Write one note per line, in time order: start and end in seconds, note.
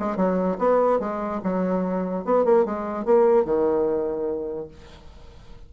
0.00 0.17 G#3
0.17 0.58 F#3
0.59 1.00 B3
1.00 1.41 G#3
1.44 2.25 F#3
2.25 2.45 B3
2.45 2.65 A#3
2.65 3.06 G#3
3.06 3.45 A#3
3.45 4.68 D#3